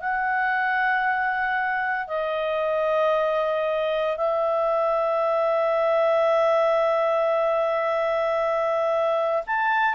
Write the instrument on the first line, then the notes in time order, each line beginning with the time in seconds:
clarinet
0.00 F#5
2.07 D#5
4.17 E5
9.46 A5